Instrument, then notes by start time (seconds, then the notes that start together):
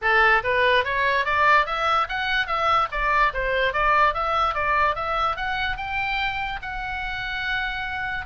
oboe
0.01 A4
0.43 B4
0.84 C#5
1.25 D5
1.66 E5
2.08 F#5
2.46 E5
2.91 D5
3.33 C5
3.73 D5
4.14 E5
4.54 D5
4.95 E5
5.36 F#5
5.76 G5
6.62 F#5